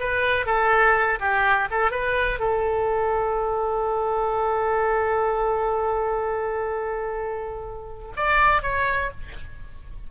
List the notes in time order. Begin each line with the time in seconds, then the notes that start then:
0.00 B4
0.46 A4
1.20 G4
1.71 A4
1.91 B4
2.39 A4
8.16 D5
8.62 C#5